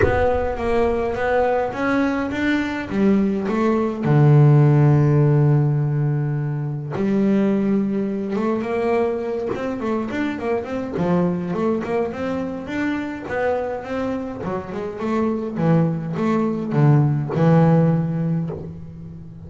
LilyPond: \new Staff \with { instrumentName = "double bass" } { \time 4/4 \tempo 4 = 104 b4 ais4 b4 cis'4 | d'4 g4 a4 d4~ | d1 | g2~ g8 a8 ais4~ |
ais8 c'8 a8 d'8 ais8 c'8 f4 | a8 ais8 c'4 d'4 b4 | c'4 fis8 gis8 a4 e4 | a4 d4 e2 | }